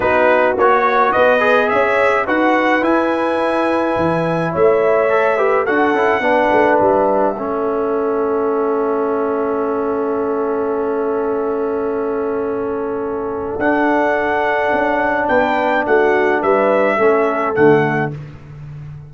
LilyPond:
<<
  \new Staff \with { instrumentName = "trumpet" } { \time 4/4 \tempo 4 = 106 b'4 cis''4 dis''4 e''4 | fis''4 gis''2. | e''2 fis''2 | e''1~ |
e''1~ | e''1 | fis''2. g''4 | fis''4 e''2 fis''4 | }
  \new Staff \with { instrumentName = "horn" } { \time 4/4 fis'2 b'4 cis''4 | b'1 | cis''4. b'8 a'4 b'4~ | b'4 a'2.~ |
a'1~ | a'1~ | a'2. b'4 | fis'4 b'4 a'2 | }
  \new Staff \with { instrumentName = "trombone" } { \time 4/4 dis'4 fis'4. gis'4. | fis'4 e'2.~ | e'4 a'8 g'8 fis'8 e'8 d'4~ | d'4 cis'2.~ |
cis'1~ | cis'1 | d'1~ | d'2 cis'4 a4 | }
  \new Staff \with { instrumentName = "tuba" } { \time 4/4 b4 ais4 b4 cis'4 | dis'4 e'2 e4 | a2 d'8 cis'8 b8 a8 | g4 a2.~ |
a1~ | a1 | d'2 cis'4 b4 | a4 g4 a4 d4 | }
>>